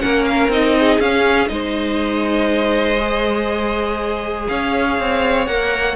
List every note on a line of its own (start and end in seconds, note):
0.00 0.48 A#3
0.00 0.50 C#4
0.00 0.77 A#4
0.00 0.25 F#5
0.25 0.50 F5
0.48 0.98 C4
0.48 1.01 D#4
0.48 1.01 D#5
0.80 1.52 G#4
1.00 1.49 C#4
1.00 1.48 C#4
1.00 1.48 F5
1.48 4.48 G#3
1.48 2.97 D#4
1.48 4.49 C5
1.48 4.45 D#5
2.99 5.47 G#4
4.48 4.99 C#4
4.48 5.96 C#5
4.48 5.47 F5
4.99 5.47 C4
5.47 5.96 A#3
5.47 5.96 A#4
5.47 5.96 F#5